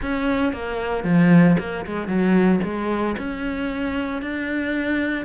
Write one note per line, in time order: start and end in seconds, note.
0.01 0.52 C#4
0.52 1.04 A#3
1.04 1.56 F3
1.59 1.85 A#3
1.86 2.07 G#3
2.07 2.60 F#3
2.63 3.16 G#3
3.18 4.22 C#4
4.22 5.25 D4